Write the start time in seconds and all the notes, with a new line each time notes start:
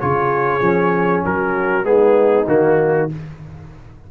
0.00 C#3 F4 G#4 C#5
0.61 F3 C#4
1.25 F#3 F#4 A#4
1.83 G#3 B3 D#4 G#4
2.47 D#3 A#3 F#4